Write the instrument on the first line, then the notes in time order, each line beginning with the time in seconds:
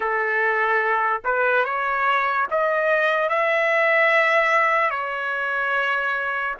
trumpet
0.00 A4
1.24 B4
1.64 C#5
2.51 D#5
3.29 E5
4.90 C#5